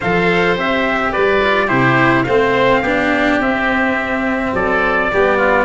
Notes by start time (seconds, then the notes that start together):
0.00 F3 A4 C5 F5
0.55 C4 G4 E5
1.11 G3 B4 D5
1.43 F4
1.66 C3 E4 G4 C5
2.23 A3 C4 C5 F5
2.81 B3 D4 G4
3.39 C4 E5
4.53 F#3 A4 D5
5.12 G3 B3 G4
5.37 F4